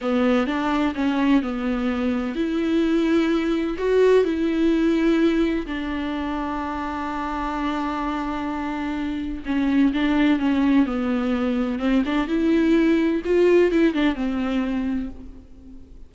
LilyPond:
\new Staff \with { instrumentName = "viola" } { \time 4/4 \tempo 4 = 127 b4 d'4 cis'4 b4~ | b4 e'2. | fis'4 e'2. | d'1~ |
d'1 | cis'4 d'4 cis'4 b4~ | b4 c'8 d'8 e'2 | f'4 e'8 d'8 c'2 | }